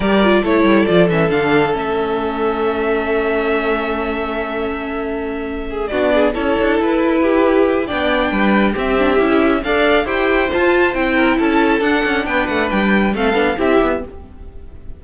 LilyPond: <<
  \new Staff \with { instrumentName = "violin" } { \time 4/4 \tempo 4 = 137 d''4 cis''4 d''8 e''8 f''4 | e''1~ | e''1~ | e''4. d''4 cis''4 b'8~ |
b'2 g''2 | e''2 f''4 g''4 | a''4 g''4 a''4 fis''4 | g''8 fis''8 g''4 f''4 e''4 | }
  \new Staff \with { instrumentName = "violin" } { \time 4/4 ais'4 a'2.~ | a'1~ | a'1~ | a'4 gis'8 fis'8 gis'8 a'4.~ |
a'8 g'4. d''4 b'4 | g'2 d''4 c''4~ | c''4. ais'8 a'2 | b'2 a'4 g'4 | }
  \new Staff \with { instrumentName = "viola" } { \time 4/4 g'8 f'8 e'4 f'8 cis'8 d'4 | cis'1~ | cis'1~ | cis'4. d'4 e'4.~ |
e'2 d'2 | c'8 d'8 e'4 a'4 g'4 | f'4 e'2 d'4~ | d'2 c'8 d'8 e'4 | }
  \new Staff \with { instrumentName = "cello" } { \time 4/4 g4 a8 g8 f8 e8 d4 | a1~ | a1~ | a4. b4 cis'8 d'8 e'8~ |
e'2 b4 g4 | c'4 cis'4 d'4 e'4 | f'4 c'4 cis'4 d'8 cis'8 | b8 a8 g4 a8 b8 c'8 b8 | }
>>